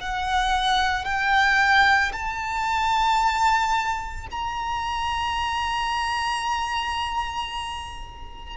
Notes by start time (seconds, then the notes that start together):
0.00 F#5
1.05 G5
2.13 A5
4.31 A#5